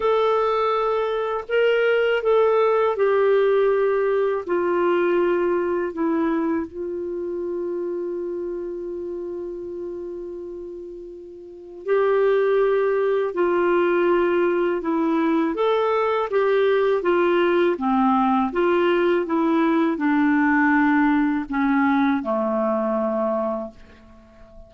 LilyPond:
\new Staff \with { instrumentName = "clarinet" } { \time 4/4 \tempo 4 = 81 a'2 ais'4 a'4 | g'2 f'2 | e'4 f'2.~ | f'1 |
g'2 f'2 | e'4 a'4 g'4 f'4 | c'4 f'4 e'4 d'4~ | d'4 cis'4 a2 | }